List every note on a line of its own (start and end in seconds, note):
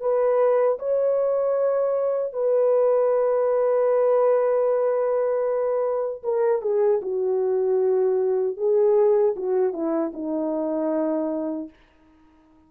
0.00 0.78 B4
0.78 2.32 C#5
2.32 6.22 B4
6.23 6.61 A#4
6.61 7.00 G#4
7.01 8.56 F#4
8.56 9.34 G#4
9.36 9.73 F#4
9.73 10.12 E4
10.13 11.69 D#4